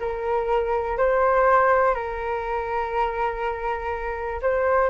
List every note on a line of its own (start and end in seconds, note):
0.00 0.98 A#4
0.98 1.95 C5
1.95 4.41 A#4
4.42 4.90 C5